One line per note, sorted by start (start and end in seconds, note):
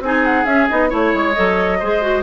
0.00 0.44 C4
0.00 0.46 D#4
0.00 0.90 G#4
0.00 0.25 G#5
0.25 0.46 F#5
0.45 0.68 C#4
0.45 0.68 E5
0.69 0.92 B3
0.69 0.89 D#4
0.69 0.91 D#5
0.89 1.14 A3
0.89 1.34 E4
0.89 1.79 C#5
0.95 1.34 C#5
1.14 1.36 G#3
1.34 1.82 F#3
1.34 1.80 A4
1.34 2.22 D#5
1.79 2.23 G#3
1.79 2.02 G#4
1.79 2.23 C5
2.02 2.23 F#4